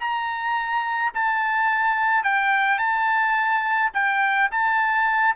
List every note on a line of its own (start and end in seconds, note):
0.00 1.12 A#5
1.14 2.24 A5
2.24 2.78 G5
2.78 3.90 A5
3.93 4.49 G5
4.51 5.35 A5